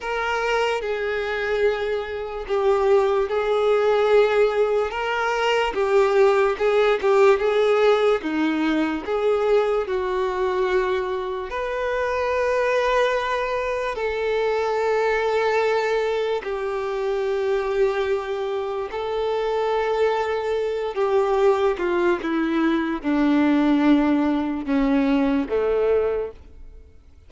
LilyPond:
\new Staff \with { instrumentName = "violin" } { \time 4/4 \tempo 4 = 73 ais'4 gis'2 g'4 | gis'2 ais'4 g'4 | gis'8 g'8 gis'4 dis'4 gis'4 | fis'2 b'2~ |
b'4 a'2. | g'2. a'4~ | a'4. g'4 f'8 e'4 | d'2 cis'4 a4 | }